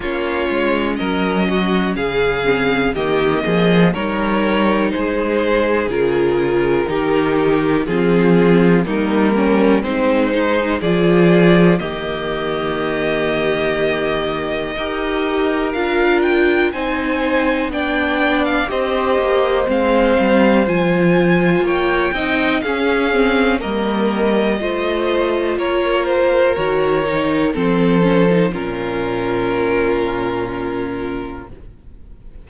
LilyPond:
<<
  \new Staff \with { instrumentName = "violin" } { \time 4/4 \tempo 4 = 61 cis''4 dis''4 f''4 dis''4 | cis''4 c''4 ais'2 | gis'4 ais'4 c''4 d''4 | dis''1 |
f''8 g''8 gis''4 g''8. f''16 dis''4 | f''4 gis''4 g''4 f''4 | dis''2 cis''8 c''8 cis''4 | c''4 ais'2. | }
  \new Staff \with { instrumentName = "violin" } { \time 4/4 f'4 ais'8 fis'8 gis'4 g'8 gis'8 | ais'4 gis'2 g'4 | f'4 dis'8 cis'8 c'8 dis'8 gis'4 | g'2. ais'4~ |
ais'4 c''4 d''4 c''4~ | c''2 cis''8 dis''8 gis'4 | ais'4 c''4 ais'2 | a'4 f'2. | }
  \new Staff \with { instrumentName = "viola" } { \time 4/4 cis'2~ cis'8 c'8 ais4 | dis'2 f'4 dis'4 | c'4 ais4 dis'4 f'4 | ais2. g'4 |
f'4 dis'4 d'4 g'4 | c'4 f'4. dis'8 cis'8 c'8 | ais4 f'2 fis'8 dis'8 | c'8 cis'16 dis'16 cis'2. | }
  \new Staff \with { instrumentName = "cello" } { \time 4/4 ais8 gis8 fis4 cis4 dis8 f8 | g4 gis4 cis4 dis4 | f4 g4 gis4 f4 | dis2. dis'4 |
d'4 c'4 b4 c'8 ais8 | gis8 g8 f4 ais8 c'8 cis'4 | g4 a4 ais4 dis4 | f4 ais,2. | }
>>